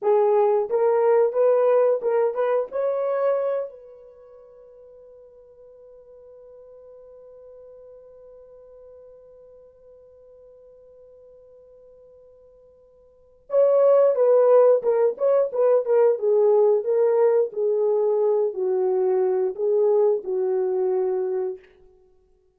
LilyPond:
\new Staff \with { instrumentName = "horn" } { \time 4/4 \tempo 4 = 89 gis'4 ais'4 b'4 ais'8 b'8 | cis''4. b'2~ b'8~ | b'1~ | b'1~ |
b'1 | cis''4 b'4 ais'8 cis''8 b'8 ais'8 | gis'4 ais'4 gis'4. fis'8~ | fis'4 gis'4 fis'2 | }